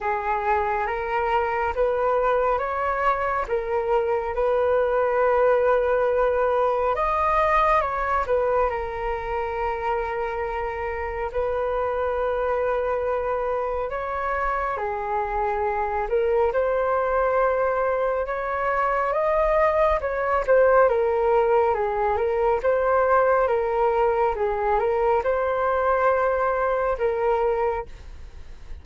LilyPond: \new Staff \with { instrumentName = "flute" } { \time 4/4 \tempo 4 = 69 gis'4 ais'4 b'4 cis''4 | ais'4 b'2. | dis''4 cis''8 b'8 ais'2~ | ais'4 b'2. |
cis''4 gis'4. ais'8 c''4~ | c''4 cis''4 dis''4 cis''8 c''8 | ais'4 gis'8 ais'8 c''4 ais'4 | gis'8 ais'8 c''2 ais'4 | }